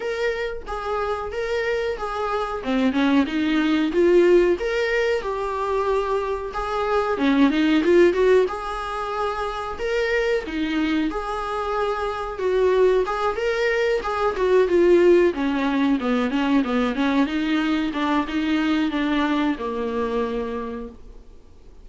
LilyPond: \new Staff \with { instrumentName = "viola" } { \time 4/4 \tempo 4 = 92 ais'4 gis'4 ais'4 gis'4 | c'8 cis'8 dis'4 f'4 ais'4 | g'2 gis'4 cis'8 dis'8 | f'8 fis'8 gis'2 ais'4 |
dis'4 gis'2 fis'4 | gis'8 ais'4 gis'8 fis'8 f'4 cis'8~ | cis'8 b8 cis'8 b8 cis'8 dis'4 d'8 | dis'4 d'4 ais2 | }